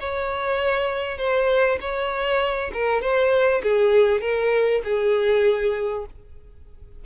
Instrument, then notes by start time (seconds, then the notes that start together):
violin
0.00 C#5
1.18 C5
1.80 C#5
2.73 A#4
3.01 C5
3.63 G#4
4.21 A#4
4.84 G#4